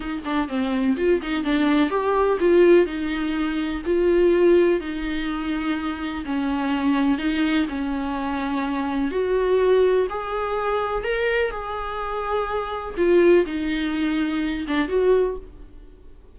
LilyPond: \new Staff \with { instrumentName = "viola" } { \time 4/4 \tempo 4 = 125 dis'8 d'8 c'4 f'8 dis'8 d'4 | g'4 f'4 dis'2 | f'2 dis'2~ | dis'4 cis'2 dis'4 |
cis'2. fis'4~ | fis'4 gis'2 ais'4 | gis'2. f'4 | dis'2~ dis'8 d'8 fis'4 | }